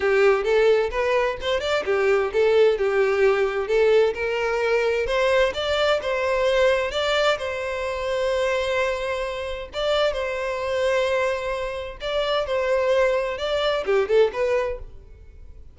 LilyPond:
\new Staff \with { instrumentName = "violin" } { \time 4/4 \tempo 4 = 130 g'4 a'4 b'4 c''8 d''8 | g'4 a'4 g'2 | a'4 ais'2 c''4 | d''4 c''2 d''4 |
c''1~ | c''4 d''4 c''2~ | c''2 d''4 c''4~ | c''4 d''4 g'8 a'8 b'4 | }